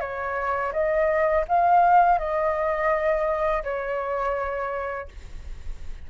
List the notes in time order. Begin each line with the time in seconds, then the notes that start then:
0.00 C#5
0.73 D#5
1.48 F5
2.19 D#5
3.63 C#5